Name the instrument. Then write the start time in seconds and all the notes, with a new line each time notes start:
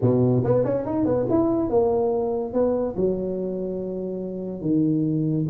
tuba
0.01 B2
0.44 B3
0.64 C#4
0.85 D#4
1.05 B3
1.29 E4
1.69 A#3
2.53 B3
2.96 F#3
4.61 D#3